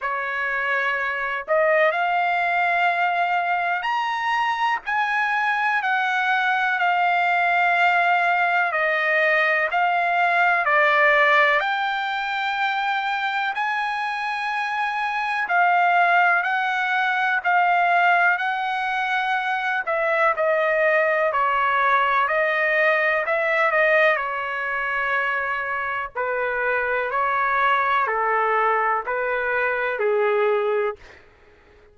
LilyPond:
\new Staff \with { instrumentName = "trumpet" } { \time 4/4 \tempo 4 = 62 cis''4. dis''8 f''2 | ais''4 gis''4 fis''4 f''4~ | f''4 dis''4 f''4 d''4 | g''2 gis''2 |
f''4 fis''4 f''4 fis''4~ | fis''8 e''8 dis''4 cis''4 dis''4 | e''8 dis''8 cis''2 b'4 | cis''4 a'4 b'4 gis'4 | }